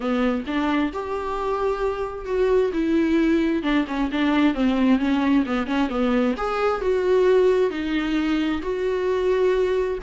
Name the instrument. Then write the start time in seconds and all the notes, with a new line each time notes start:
viola
0.00 B3
0.46 D4
0.93 G4
2.25 F#4
2.73 E4
3.63 D4
3.87 C#4
4.11 D4
4.54 C4
4.99 C#4
5.45 B3
5.66 C#4
5.89 B3
6.37 G#4
6.81 F#4
7.70 D#4
8.62 F#4